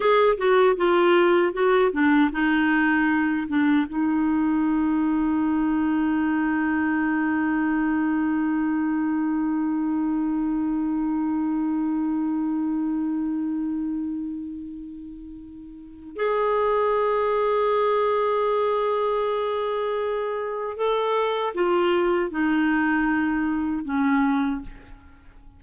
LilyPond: \new Staff \with { instrumentName = "clarinet" } { \time 4/4 \tempo 4 = 78 gis'8 fis'8 f'4 fis'8 d'8 dis'4~ | dis'8 d'8 dis'2.~ | dis'1~ | dis'1~ |
dis'1~ | dis'4 gis'2.~ | gis'2. a'4 | f'4 dis'2 cis'4 | }